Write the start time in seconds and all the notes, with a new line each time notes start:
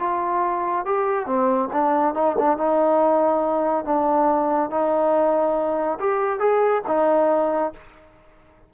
0.00 F4
0.86 G4
1.26 C4
1.73 D4
2.15 D#4
2.39 D4
2.58 D#4
3.85 D4
4.70 D#4
6.00 G4
6.40 G#4
6.88 D#4